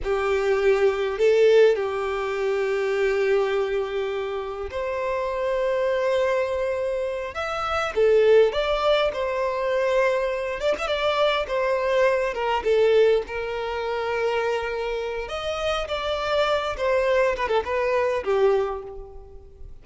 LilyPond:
\new Staff \with { instrumentName = "violin" } { \time 4/4 \tempo 4 = 102 g'2 a'4 g'4~ | g'1 | c''1~ | c''8 e''4 a'4 d''4 c''8~ |
c''2 d''16 e''16 d''4 c''8~ | c''4 ais'8 a'4 ais'4.~ | ais'2 dis''4 d''4~ | d''8 c''4 b'16 a'16 b'4 g'4 | }